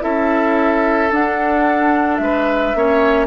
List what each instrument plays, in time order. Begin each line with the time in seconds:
0.00 bassoon C#4, clarinet E4, oboe A4, flute E5
1.11 bassoon D4, clarinet D4, flute F#5
2.17 bassoon G#3, flute E5
2.23 oboe B4
2.75 bassoon A#3, clarinet C#4, oboe C#5